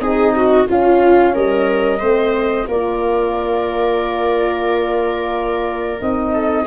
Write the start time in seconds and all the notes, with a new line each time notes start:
0.00 C4 D#4 G#4 D#5
0.36 F#4
0.68 C#4 F4 F5
1.35 G3 A#4 D#5
2.00 A3 C4 C5
2.68 A#3 F4 A#4 D5
6.00 C4 D#4 D#5
6.33 A4